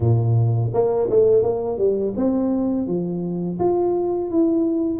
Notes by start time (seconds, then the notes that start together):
0.00 A#2
0.73 A#3
1.09 A3
1.43 A#3
1.78 G3
2.16 C4
2.87 F3
3.59 F4
4.31 E4